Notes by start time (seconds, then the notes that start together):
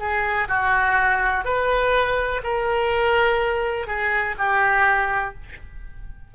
0.00 G#4
0.49 F#4
1.45 B4
2.44 A#4
3.88 G#4
4.39 G4